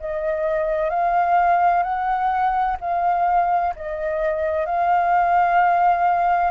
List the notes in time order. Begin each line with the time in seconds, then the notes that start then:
0.00 D#5
0.90 F5
1.83 F#5
2.81 F5
3.76 D#5
4.66 F5